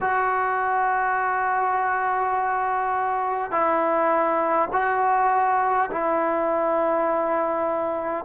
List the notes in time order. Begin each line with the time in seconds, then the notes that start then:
0.00 F#4
3.51 E4
4.72 F#4
5.91 E4